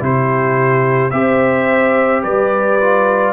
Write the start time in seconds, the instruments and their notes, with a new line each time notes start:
0.00 tuba C3, trombone E4, horn G4, trumpet C5
1.11 tuba C4, trombone G4, horn C5, trumpet E5
2.23 tuba G3, horn B4, trumpet D5
2.80 trombone F4